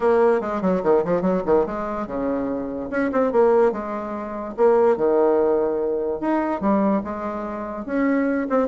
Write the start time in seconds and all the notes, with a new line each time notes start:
0.00 A#3
0.40 G#3
0.61 F#3
0.83 D#3
1.04 F3
1.21 F#3
1.45 D#3
1.66 G#3
2.06 C#3
2.90 C#4
3.11 C4
3.32 A#3
3.72 G#3
4.56 A#3
4.97 D#3
6.20 D#4
6.60 G3
7.04 G#3
7.85 C#4
8.49 C4